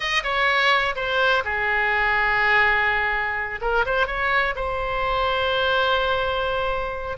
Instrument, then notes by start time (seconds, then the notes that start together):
oboe
0.00 D#5
0.23 C#5
0.95 C5
1.44 G#4
3.61 A#4
3.85 C5
4.07 C#5
4.55 C5